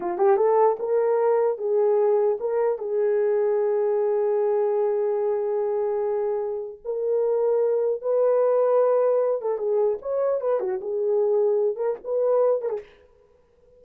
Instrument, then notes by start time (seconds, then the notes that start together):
horn
0.00 F4
0.17 G4
0.36 A4
0.79 A#4
1.57 G#4
2.40 A#4
2.78 G#4
6.84 A#4
8.01 B4
9.41 A4
9.58 G#4
10.01 C#5
10.40 B4
10.59 F#4
10.81 G#4
11.76 A#4
12.03 B4
12.61 A#4
12.69 G#4